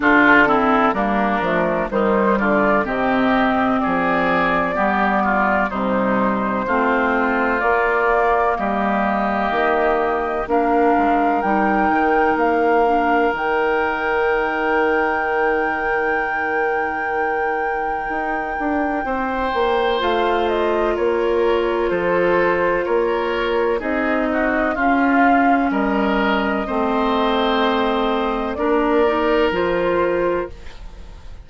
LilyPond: <<
  \new Staff \with { instrumentName = "flute" } { \time 4/4 \tempo 4 = 63 a'4 ais'4 c''8 d''8 dis''4 | d''2 c''2 | d''4 dis''2 f''4 | g''4 f''4 g''2~ |
g''1~ | g''4 f''8 dis''8 cis''4 c''4 | cis''4 dis''4 f''4 dis''4~ | dis''2 d''4 c''4 | }
  \new Staff \with { instrumentName = "oboe" } { \time 4/4 f'8 e'8 d'4 dis'8 f'8 g'4 | gis'4 g'8 f'8 dis'4 f'4~ | f'4 g'2 ais'4~ | ais'1~ |
ais'1 | c''2 ais'4 a'4 | ais'4 gis'8 fis'8 f'4 ais'4 | c''2 ais'2 | }
  \new Staff \with { instrumentName = "clarinet" } { \time 4/4 d'8 c'8 ais8 a8 g4 c'4~ | c'4 b4 g4 c'4 | ais2. d'4 | dis'4. d'8 dis'2~ |
dis'1~ | dis'4 f'2.~ | f'4 dis'4 cis'2 | c'2 d'8 dis'8 f'4 | }
  \new Staff \with { instrumentName = "bassoon" } { \time 4/4 d4 g8 f8 dis8 d8 c4 | f4 g4 c4 a4 | ais4 g4 dis4 ais8 gis8 | g8 dis8 ais4 dis2~ |
dis2. dis'8 d'8 | c'8 ais8 a4 ais4 f4 | ais4 c'4 cis'4 g4 | a2 ais4 f4 | }
>>